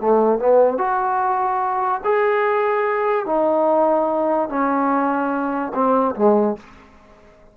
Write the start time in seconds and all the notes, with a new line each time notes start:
0.00 A3
0.39 B3
0.78 F#4
2.04 G#4
3.26 D#4
4.49 C#4
5.74 C4
6.16 G#3